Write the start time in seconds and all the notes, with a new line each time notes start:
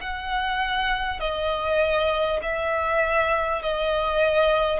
0.00 F#5
1.19 D#5
2.42 E5
3.62 D#5